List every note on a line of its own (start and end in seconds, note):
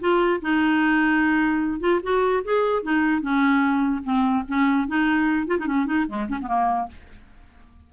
0.00 0.41 F4
0.41 1.80 D#4
1.80 2.00 F4
2.03 2.43 F#4
2.44 2.83 G#4
2.83 3.22 D#4
3.22 4.03 C#4
4.04 4.44 C4
4.48 4.87 C#4
4.87 5.47 D#4
5.47 5.58 F4
5.59 5.67 D#4
5.67 5.86 C#4
5.86 6.06 D#4
6.08 6.28 G#3
6.29 6.39 C#4
6.42 6.88 A#3
6.42 6.48 B3